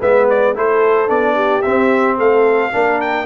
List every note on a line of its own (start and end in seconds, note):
0.00 0.55 G#3
0.00 0.55 B3
0.00 0.55 B4
0.00 0.29 E5
0.29 0.57 D5
0.55 1.10 A3
0.55 1.07 E4
0.55 1.35 A4
0.55 1.09 C5
1.07 1.64 B3
1.07 1.62 D4
1.07 1.62 D5
1.35 2.17 G4
1.62 2.19 C4
1.62 2.72 C4
1.62 2.16 E5
2.18 2.73 A3
2.18 2.73 A4
2.18 3.01 F5
2.72 3.25 A#3
2.72 3.25 D4
2.72 3.25 A#4
3.01 3.25 G5